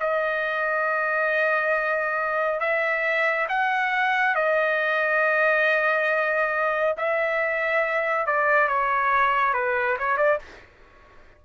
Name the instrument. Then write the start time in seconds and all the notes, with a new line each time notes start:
trumpet
0.00 D#5
2.60 E5
3.49 F#5
4.35 D#5
6.98 E5
8.26 D5
8.68 C#5
9.54 B4
9.99 C#5
10.17 D5